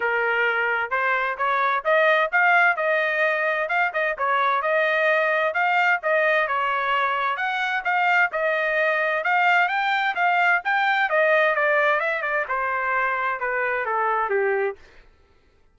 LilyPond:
\new Staff \with { instrumentName = "trumpet" } { \time 4/4 \tempo 4 = 130 ais'2 c''4 cis''4 | dis''4 f''4 dis''2 | f''8 dis''8 cis''4 dis''2 | f''4 dis''4 cis''2 |
fis''4 f''4 dis''2 | f''4 g''4 f''4 g''4 | dis''4 d''4 e''8 d''8 c''4~ | c''4 b'4 a'4 g'4 | }